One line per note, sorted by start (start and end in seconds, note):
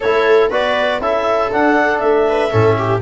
0.00 0.49 A3
0.00 0.51 E4
0.00 0.50 A4
0.00 0.51 C#5
0.49 1.00 B3
0.49 1.01 F#4
0.49 1.00 B4
0.49 1.01 D5
1.00 1.50 C#4
1.00 1.51 E4
1.00 2.27 A4
1.00 1.51 E5
1.51 2.50 D4
1.51 2.02 D4
1.51 1.98 F#5
1.98 2.52 A3
1.98 2.99 E5
2.28 2.50 B4
2.50 3.01 A2
2.50 3.00 C#4
2.50 2.76 A4
2.78 3.01 G4